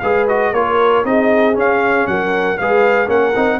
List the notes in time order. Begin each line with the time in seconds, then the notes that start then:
0.00 G#3 G#4 B4 F5
0.28 F#4 D#5
0.52 A#3 F4 A#4 C#5
1.04 C4 D#4 G#4 D#5
1.54 C#4 F5
2.07 F#3 A#4 F#5
2.58 G#3 G#4 B4 F5
3.07 A#3 C#4 A#4 F#5
3.36 C4 D#4